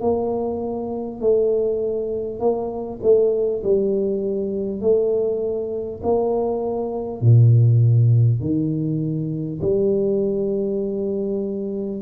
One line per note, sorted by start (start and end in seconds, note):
0.00 1.20 A#3
1.21 2.39 A3
2.39 2.99 A#3
3.02 3.62 A3
3.63 4.81 G3
4.81 6.01 A3
6.03 7.21 A#3
7.21 8.41 A#2
8.41 9.61 D#3
9.61 12.01 G3